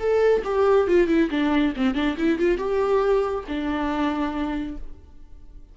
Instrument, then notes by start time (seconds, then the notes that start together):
viola
0.00 A4
0.45 G4
0.88 F4
1.08 E4
1.31 D4
1.77 C4
1.95 D4
2.18 E4
2.39 F4
2.58 G4
3.48 D4